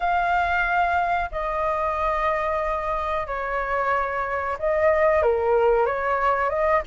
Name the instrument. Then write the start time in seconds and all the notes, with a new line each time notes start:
flute
0.00 F5
1.31 D#5
3.26 C#5
4.59 D#5
5.22 A#4
5.86 C#5
6.49 D#5